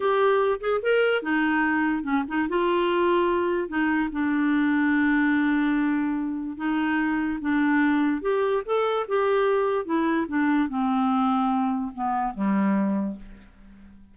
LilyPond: \new Staff \with { instrumentName = "clarinet" } { \time 4/4 \tempo 4 = 146 g'4. gis'8 ais'4 dis'4~ | dis'4 cis'8 dis'8 f'2~ | f'4 dis'4 d'2~ | d'1 |
dis'2 d'2 | g'4 a'4 g'2 | e'4 d'4 c'2~ | c'4 b4 g2 | }